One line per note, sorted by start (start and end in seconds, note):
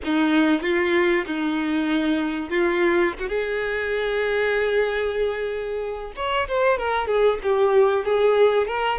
0.04 0.61 D#4
0.61 1.25 F4
1.25 2.50 D#4
2.50 3.13 F4
3.19 3.28 F#4
3.28 6.13 G#4
6.16 6.47 C#5
6.48 6.78 C5
6.78 7.07 A#4
7.07 7.38 G#4
7.42 8.04 G4
8.04 8.67 G#4
8.67 8.98 A#4